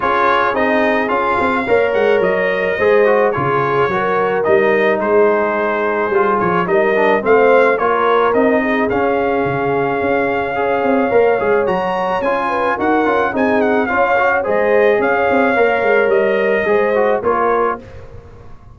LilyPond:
<<
  \new Staff \with { instrumentName = "trumpet" } { \time 4/4 \tempo 4 = 108 cis''4 dis''4 f''4. fis''8 | dis''2 cis''2 | dis''4 c''2~ c''8 cis''8 | dis''4 f''4 cis''4 dis''4 |
f''1~ | f''4 ais''4 gis''4 fis''4 | gis''8 fis''8 f''4 dis''4 f''4~ | f''4 dis''2 cis''4 | }
  \new Staff \with { instrumentName = "horn" } { \time 4/4 gis'2. cis''4~ | cis''4 c''4 gis'4 ais'4~ | ais'4 gis'2. | ais'4 c''4 ais'4. gis'8~ |
gis'2. cis''4~ | cis''2~ cis''8 b'8 ais'4 | gis'4 cis''4 c''4 cis''4~ | cis''2 c''4 ais'4 | }
  \new Staff \with { instrumentName = "trombone" } { \time 4/4 f'4 dis'4 f'4 ais'4~ | ais'4 gis'8 fis'8 f'4 fis'4 | dis'2. f'4 | dis'8 d'8 c'4 f'4 dis'4 |
cis'2. gis'4 | ais'8 gis'8 fis'4 f'4 fis'8 f'8 | dis'4 f'8 fis'8 gis'2 | ais'2 gis'8 fis'8 f'4 | }
  \new Staff \with { instrumentName = "tuba" } { \time 4/4 cis'4 c'4 cis'8 c'8 ais8 gis8 | fis4 gis4 cis4 fis4 | g4 gis2 g8 f8 | g4 a4 ais4 c'4 |
cis'4 cis4 cis'4. c'8 | ais8 gis8 fis4 cis'4 dis'8 cis'8 | c'4 cis'4 gis4 cis'8 c'8 | ais8 gis8 g4 gis4 ais4 | }
>>